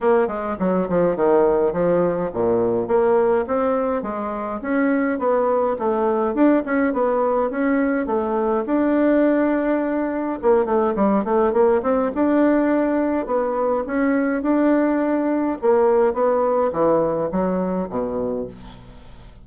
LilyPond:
\new Staff \with { instrumentName = "bassoon" } { \time 4/4 \tempo 4 = 104 ais8 gis8 fis8 f8 dis4 f4 | ais,4 ais4 c'4 gis4 | cis'4 b4 a4 d'8 cis'8 | b4 cis'4 a4 d'4~ |
d'2 ais8 a8 g8 a8 | ais8 c'8 d'2 b4 | cis'4 d'2 ais4 | b4 e4 fis4 b,4 | }